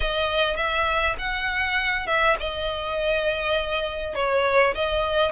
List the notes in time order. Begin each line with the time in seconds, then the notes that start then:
0.00 D#5
0.56 E5
1.18 F#5
2.06 E5
2.39 D#5
4.14 C#5
4.74 D#5